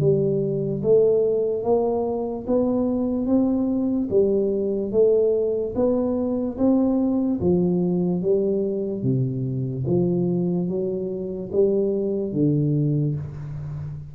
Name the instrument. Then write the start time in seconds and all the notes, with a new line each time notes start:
tuba
0.00 G3
0.83 A3
1.64 A#3
2.47 B3
3.27 C4
4.10 G3
4.92 A3
5.75 B3
6.58 C4
7.40 F3
8.22 G3
9.03 C3
9.86 F3
10.68 F#3
11.52 G3
12.33 D3